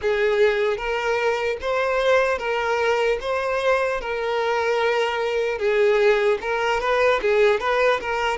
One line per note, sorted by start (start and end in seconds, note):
0.01 0.77 G#4
0.77 1.57 A#4
1.61 2.38 C5
2.38 3.18 A#4
3.20 4.00 C5
4.00 5.58 A#4
5.58 6.38 G#4
6.41 6.80 A#4
6.80 7.20 B4
7.21 7.60 G#4
7.60 8.00 B4
8.00 8.37 A#4